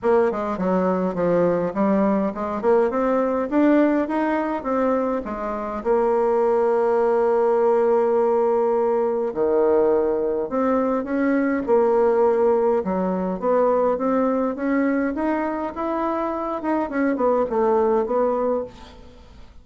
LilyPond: \new Staff \with { instrumentName = "bassoon" } { \time 4/4 \tempo 4 = 103 ais8 gis8 fis4 f4 g4 | gis8 ais8 c'4 d'4 dis'4 | c'4 gis4 ais2~ | ais1 |
dis2 c'4 cis'4 | ais2 fis4 b4 | c'4 cis'4 dis'4 e'4~ | e'8 dis'8 cis'8 b8 a4 b4 | }